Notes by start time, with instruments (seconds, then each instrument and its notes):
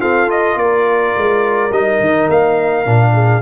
0.00 trombone C4, tuba F4, horn A4, trumpet F5
0.27 trombone F4, trumpet D#5
0.56 tuba A#3, horn A#4, trumpet D5
1.18 tuba G#3
1.71 tuba G3, trombone D#4, trumpet D#5
2.00 tuba D#3
2.30 tuba A#3, trumpet F5
2.86 tuba A#2, trombone D4
3.14 horn G#4